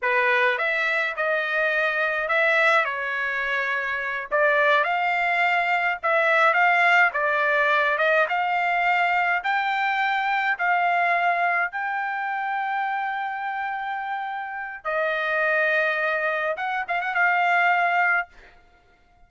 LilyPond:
\new Staff \with { instrumentName = "trumpet" } { \time 4/4 \tempo 4 = 105 b'4 e''4 dis''2 | e''4 cis''2~ cis''8 d''8~ | d''8 f''2 e''4 f''8~ | f''8 d''4. dis''8 f''4.~ |
f''8 g''2 f''4.~ | f''8 g''2.~ g''8~ | g''2 dis''2~ | dis''4 fis''8 f''16 fis''16 f''2 | }